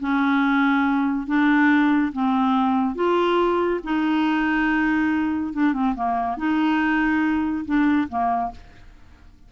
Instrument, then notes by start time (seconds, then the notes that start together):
clarinet
0.00 C#4
1.27 D4
2.13 C4
2.96 F4
3.84 D#4
5.54 D4
5.74 C4
5.96 A#3
6.38 D#4
7.66 D4
8.09 A#3